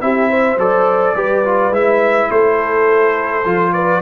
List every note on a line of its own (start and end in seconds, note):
0.00 0.57 C4
0.00 0.57 E4
0.00 0.29 G4
0.00 0.58 E5
0.29 1.15 C5
0.57 1.14 F#3
0.57 1.15 A4
0.57 1.74 D5
1.14 1.70 G3
1.14 1.44 G4
1.14 2.30 B4
1.45 1.72 F4
1.70 2.27 G#3
1.70 3.43 E4
1.70 2.30 E5
2.30 3.44 A3
2.30 3.73 A4
2.30 3.72 C5
3.45 4.01 F3
3.45 4.01 F4
3.72 4.01 B4
3.72 4.01 D5